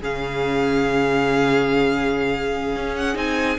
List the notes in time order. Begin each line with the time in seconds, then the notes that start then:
0.00 C#3 C#4 G#4 F5
2.75 C#4
2.96 F#5
3.14 C4 D#4 G#5